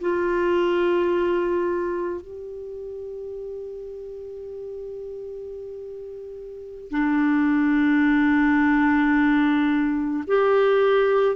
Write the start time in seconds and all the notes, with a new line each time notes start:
0.00 F4
2.21 G4
6.90 D4
10.27 G4